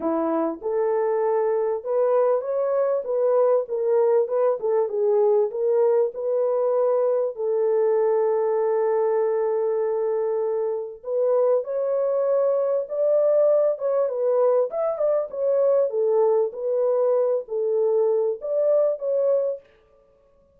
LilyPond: \new Staff \with { instrumentName = "horn" } { \time 4/4 \tempo 4 = 98 e'4 a'2 b'4 | cis''4 b'4 ais'4 b'8 a'8 | gis'4 ais'4 b'2 | a'1~ |
a'2 b'4 cis''4~ | cis''4 d''4. cis''8 b'4 | e''8 d''8 cis''4 a'4 b'4~ | b'8 a'4. d''4 cis''4 | }